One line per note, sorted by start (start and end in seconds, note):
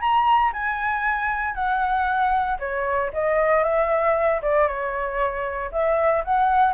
0.00 0.52 A#5
0.52 1.54 G#5
1.54 2.58 F#5
2.59 3.11 C#5
3.13 3.63 D#5
3.63 4.41 E5
4.42 4.67 D5
4.67 5.71 C#5
5.72 6.23 E5
6.24 6.73 F#5